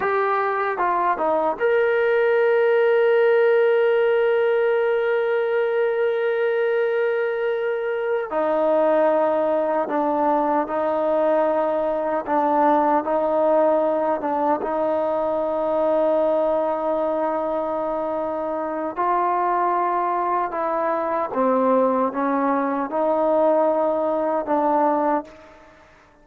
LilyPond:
\new Staff \with { instrumentName = "trombone" } { \time 4/4 \tempo 4 = 76 g'4 f'8 dis'8 ais'2~ | ais'1~ | ais'2~ ais'8 dis'4.~ | dis'8 d'4 dis'2 d'8~ |
d'8 dis'4. d'8 dis'4.~ | dis'1 | f'2 e'4 c'4 | cis'4 dis'2 d'4 | }